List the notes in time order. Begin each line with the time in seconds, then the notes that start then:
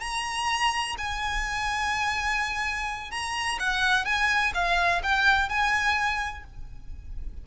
0.00 A#5
0.98 G#5
3.11 A#5
3.59 F#5
4.04 G#5
4.54 F5
5.02 G5
5.49 G#5